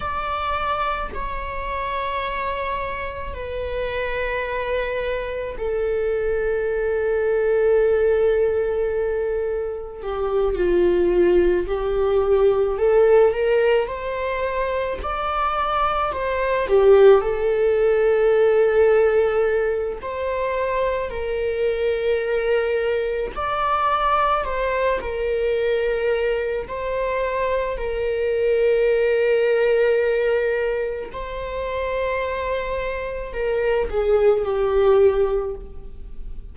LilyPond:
\new Staff \with { instrumentName = "viola" } { \time 4/4 \tempo 4 = 54 d''4 cis''2 b'4~ | b'4 a'2.~ | a'4 g'8 f'4 g'4 a'8 | ais'8 c''4 d''4 c''8 g'8 a'8~ |
a'2 c''4 ais'4~ | ais'4 d''4 c''8 ais'4. | c''4 ais'2. | c''2 ais'8 gis'8 g'4 | }